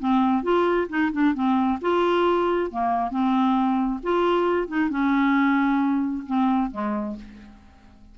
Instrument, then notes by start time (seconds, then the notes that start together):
clarinet
0.00 C4
0.43 F4
0.90 D#4
1.13 D4
1.35 C4
1.82 F4
2.71 A#3
3.11 C4
4.03 F4
4.68 D#4
4.90 C#4
6.27 C4
6.71 G#3